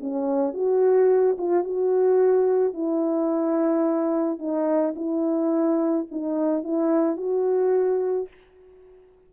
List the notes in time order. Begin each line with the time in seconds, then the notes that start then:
0.00 C#4
0.53 F#4
1.38 F4
1.64 F#4
2.73 E4
4.39 D#4
4.95 E4
6.11 D#4
6.63 E4
7.17 F#4